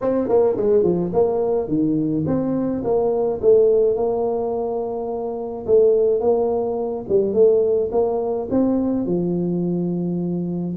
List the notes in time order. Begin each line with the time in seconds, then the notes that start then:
0.01 C4
0.28 A#3
0.57 G#3
0.83 F3
1.13 A#3
1.67 D#3
2.26 C4
2.84 A#3
3.41 A3
3.95 A#3
5.66 A3
6.20 A#3
7.09 G3
7.33 A3
7.91 A#3
8.50 C4
9.06 F3